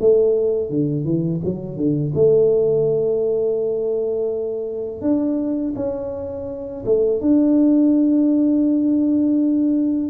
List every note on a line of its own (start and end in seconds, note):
0.00 0.69 A3
0.69 1.04 D3
1.04 1.40 E3
1.44 1.76 F#3
1.76 2.12 D3
2.14 5.01 A3
5.01 5.73 D4
5.75 6.84 C#4
6.85 7.21 A3
7.21 10.10 D4